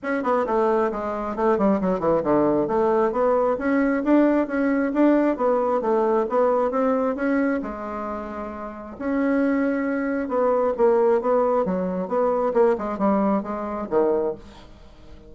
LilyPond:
\new Staff \with { instrumentName = "bassoon" } { \time 4/4 \tempo 4 = 134 cis'8 b8 a4 gis4 a8 g8 | fis8 e8 d4 a4 b4 | cis'4 d'4 cis'4 d'4 | b4 a4 b4 c'4 |
cis'4 gis2. | cis'2. b4 | ais4 b4 fis4 b4 | ais8 gis8 g4 gis4 dis4 | }